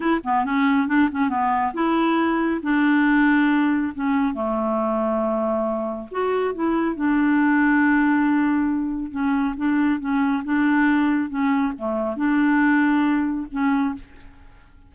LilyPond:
\new Staff \with { instrumentName = "clarinet" } { \time 4/4 \tempo 4 = 138 e'8 b8 cis'4 d'8 cis'8 b4 | e'2 d'2~ | d'4 cis'4 a2~ | a2 fis'4 e'4 |
d'1~ | d'4 cis'4 d'4 cis'4 | d'2 cis'4 a4 | d'2. cis'4 | }